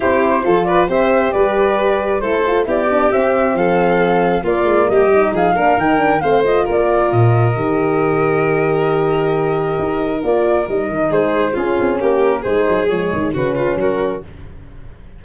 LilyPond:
<<
  \new Staff \with { instrumentName = "flute" } { \time 4/4 \tempo 4 = 135 c''4. d''8 e''4 d''4~ | d''4 c''4 d''4 e''4 | f''2 d''4 dis''4 | f''4 g''4 f''8 dis''8 d''4 |
dis''1~ | dis''2. d''4 | dis''4 c''4 gis'4 ais'4 | c''4 cis''4 b'4 ais'4 | }
  \new Staff \with { instrumentName = "violin" } { \time 4/4 g'4 a'8 b'8 c''4 b'4~ | b'4 a'4 g'2 | a'2 f'4 g'4 | gis'8 ais'4. c''4 ais'4~ |
ais'1~ | ais'1~ | ais'4 gis'4 f'4 g'4 | gis'2 fis'8 f'8 fis'4 | }
  \new Staff \with { instrumentName = "horn" } { \time 4/4 e'4 f'4 g'2~ | g'4 e'8 f'8 e'8 d'8 c'4~ | c'2 ais4. dis'8~ | dis'8 d'8 dis'8 d'8 c'8 f'4.~ |
f'4 g'2.~ | g'2. f'4 | dis'2 cis'2 | dis'4 gis4 cis'2 | }
  \new Staff \with { instrumentName = "tuba" } { \time 4/4 c'4 f4 c'4 g4~ | g4 a4 b4 c'4 | f2 ais8 gis8 g4 | f8 ais8 dis4 a4 ais4 |
ais,4 dis2.~ | dis2 dis'4 ais4 | g8 dis8 gis4 cis'8 c'8 ais4 | gis8 fis8 f8 dis8 cis4 fis4 | }
>>